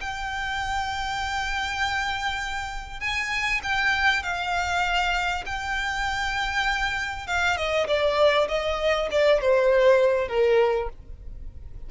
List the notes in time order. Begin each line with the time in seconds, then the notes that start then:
0.00 G5
3.00 G#5
3.63 G5
4.22 F5
5.45 G5
7.27 F5
7.56 D#5
7.87 D5
8.48 D#5
9.11 D5
9.41 C5
10.28 A#4